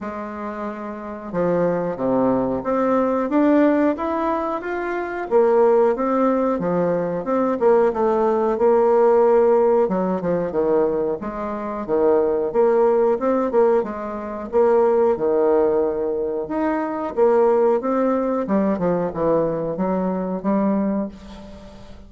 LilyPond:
\new Staff \with { instrumentName = "bassoon" } { \time 4/4 \tempo 4 = 91 gis2 f4 c4 | c'4 d'4 e'4 f'4 | ais4 c'4 f4 c'8 ais8 | a4 ais2 fis8 f8 |
dis4 gis4 dis4 ais4 | c'8 ais8 gis4 ais4 dis4~ | dis4 dis'4 ais4 c'4 | g8 f8 e4 fis4 g4 | }